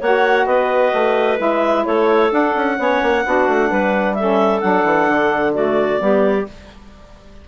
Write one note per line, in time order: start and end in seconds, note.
0.00 0.46 A#3
0.00 1.37 F#4
0.00 0.46 C#5
0.00 0.46 F#5
0.46 0.92 B3
0.46 1.85 B4
0.46 1.38 D#5
0.93 1.39 A3
1.37 1.86 G#3
1.37 2.29 E4
1.37 1.85 E5
1.85 2.31 A3
1.85 2.78 A4
1.85 2.31 C#5
2.30 2.76 D4
2.30 2.55 D4
2.30 4.14 F#5
2.55 2.79 C#4
2.77 3.02 B3
2.77 3.24 C#4
2.77 3.25 C#5
3.02 3.25 A#3
3.25 3.48 B3
3.25 4.17 D4
3.25 3.69 F#4
3.48 3.70 A3
3.69 4.62 G3
3.69 4.15 B4
4.14 4.61 C#4
4.14 5.54 A4
4.14 4.60 E5
4.60 4.84 F#3
4.60 5.53 D4
4.60 5.53 F#5
4.84 5.07 E3
5.07 6.00 D3
5.53 5.99 A3
5.53 6.00 F#4
5.53 6.46 D5
6.00 6.47 G3
6.00 6.46 B3
6.00 6.48 G4